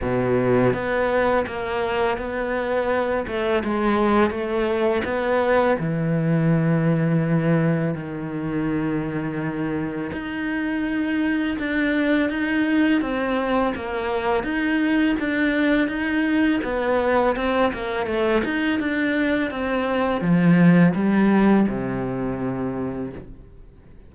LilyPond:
\new Staff \with { instrumentName = "cello" } { \time 4/4 \tempo 4 = 83 b,4 b4 ais4 b4~ | b8 a8 gis4 a4 b4 | e2. dis4~ | dis2 dis'2 |
d'4 dis'4 c'4 ais4 | dis'4 d'4 dis'4 b4 | c'8 ais8 a8 dis'8 d'4 c'4 | f4 g4 c2 | }